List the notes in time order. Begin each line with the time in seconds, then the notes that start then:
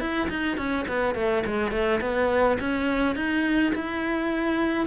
0.00 E4
0.30 D#4
0.57 C#4
0.88 B3
1.15 A3
1.46 G#3
1.71 A3
2.01 B3
2.60 C#4
3.16 D#4
3.75 E4